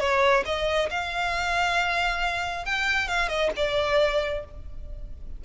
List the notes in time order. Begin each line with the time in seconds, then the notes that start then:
0.00 C#5
0.46 D#5
0.91 F5
2.66 G5
3.08 F5
3.29 D#5
3.57 D5